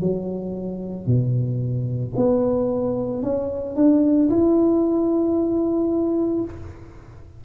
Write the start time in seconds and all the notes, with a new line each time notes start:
0.00 F#3
1.06 B2
2.16 B3
3.22 C#4
3.76 D4
4.30 E4